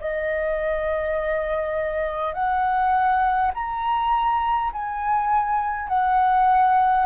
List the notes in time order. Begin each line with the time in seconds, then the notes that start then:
0.00 D#5
2.34 F#5
3.54 A#5
4.73 G#5
5.88 F#5